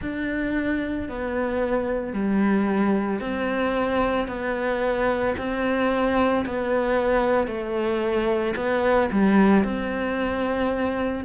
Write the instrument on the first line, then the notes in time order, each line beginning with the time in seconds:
cello
0.01 D4
1.09 B3
2.13 G3
3.20 C4
4.27 B3
5.38 C4
6.45 B3
7.47 A3
8.56 B3
9.11 G3
9.64 C4